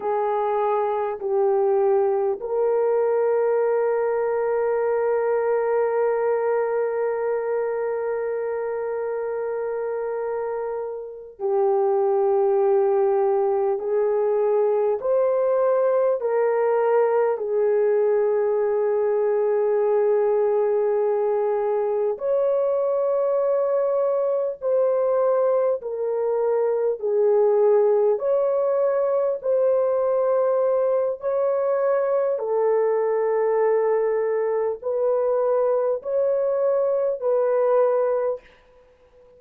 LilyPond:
\new Staff \with { instrumentName = "horn" } { \time 4/4 \tempo 4 = 50 gis'4 g'4 ais'2~ | ais'1~ | ais'4. g'2 gis'8~ | gis'8 c''4 ais'4 gis'4.~ |
gis'2~ gis'8 cis''4.~ | cis''8 c''4 ais'4 gis'4 cis''8~ | cis''8 c''4. cis''4 a'4~ | a'4 b'4 cis''4 b'4 | }